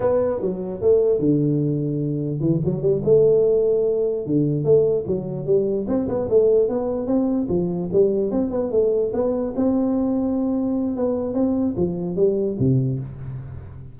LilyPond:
\new Staff \with { instrumentName = "tuba" } { \time 4/4 \tempo 4 = 148 b4 fis4 a4 d4~ | d2 e8 fis8 g8 a8~ | a2~ a8 d4 a8~ | a8 fis4 g4 c'8 b8 a8~ |
a8 b4 c'4 f4 g8~ | g8 c'8 b8 a4 b4 c'8~ | c'2. b4 | c'4 f4 g4 c4 | }